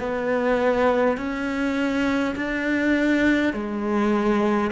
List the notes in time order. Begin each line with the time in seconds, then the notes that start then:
0.00 B3
1.18 C#4
2.36 D4
3.53 G#3